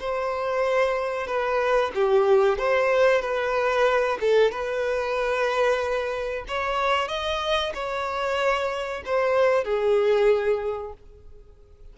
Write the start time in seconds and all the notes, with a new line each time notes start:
0.00 C5
1.27 B4
1.95 G4
2.58 C5
3.21 B4
4.21 A4
4.52 B4
6.48 C#5
7.08 D#5
7.74 C#5
9.05 C5
9.64 G#4